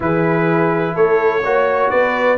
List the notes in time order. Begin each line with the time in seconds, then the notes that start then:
0.00 E3 E4 G#4 B4
0.94 A3 A4 C#5
1.43 A#3 F#4 C#5
1.89 B3 B4 D5